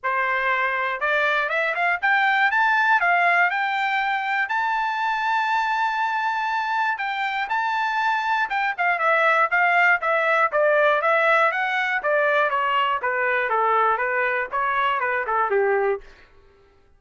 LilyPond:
\new Staff \with { instrumentName = "trumpet" } { \time 4/4 \tempo 4 = 120 c''2 d''4 e''8 f''8 | g''4 a''4 f''4 g''4~ | g''4 a''2.~ | a''2 g''4 a''4~ |
a''4 g''8 f''8 e''4 f''4 | e''4 d''4 e''4 fis''4 | d''4 cis''4 b'4 a'4 | b'4 cis''4 b'8 a'8 g'4 | }